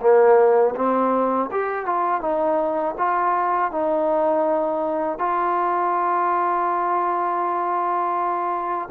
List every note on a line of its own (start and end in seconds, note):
0.00 0.74 A#3
0.75 1.49 C4
1.51 1.86 G4
1.86 2.21 F4
2.21 2.95 D#4
2.98 3.71 F4
3.71 5.18 D#4
5.18 8.89 F4